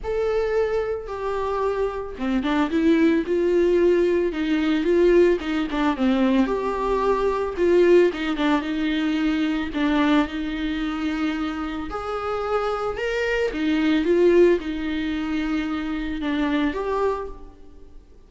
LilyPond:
\new Staff \with { instrumentName = "viola" } { \time 4/4 \tempo 4 = 111 a'2 g'2 | c'8 d'8 e'4 f'2 | dis'4 f'4 dis'8 d'8 c'4 | g'2 f'4 dis'8 d'8 |
dis'2 d'4 dis'4~ | dis'2 gis'2 | ais'4 dis'4 f'4 dis'4~ | dis'2 d'4 g'4 | }